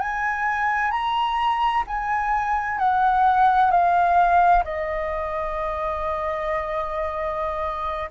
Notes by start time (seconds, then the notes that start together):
0.00 G#5
0.91 A#5
1.87 G#5
2.78 F#5
3.71 F5
4.64 D#5